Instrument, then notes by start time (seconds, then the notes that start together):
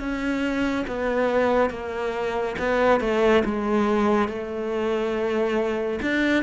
cello
0.00 C#4
0.88 B3
1.70 A#3
2.59 B3
3.01 A3
3.45 G#3
4.29 A3
6.02 D4